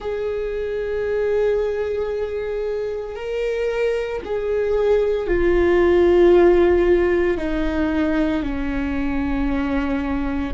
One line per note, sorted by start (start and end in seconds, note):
0.00 3.15 G#4
3.15 4.21 A#4
4.24 5.27 G#4
5.27 7.37 F4
7.37 8.43 D#4
8.43 10.53 C#4